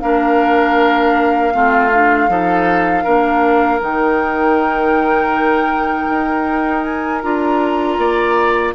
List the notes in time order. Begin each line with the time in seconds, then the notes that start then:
0.00 A#3 D4 A#4 F5
1.52 A3 C4 F4
1.93 D4
2.28 F3 D#4 A4
3.03 A#3 D4 A#4
3.80 D#3 D#4 G5
6.09 D#4
6.83 G#5
7.22 D4 F4 A#5
7.98 A#3 D5